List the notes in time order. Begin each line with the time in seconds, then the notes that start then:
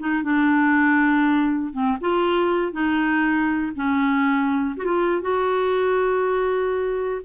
0.00 D#4
0.23 D4
1.73 C4
2.01 F4
2.73 D#4
3.76 C#4
4.77 F#4
4.85 F4
5.22 F#4